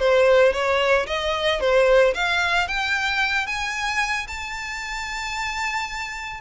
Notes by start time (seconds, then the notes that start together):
0.00 C5
0.53 C#5
1.07 D#5
1.61 C5
2.15 F5
2.68 G5
3.47 G#5
4.28 A5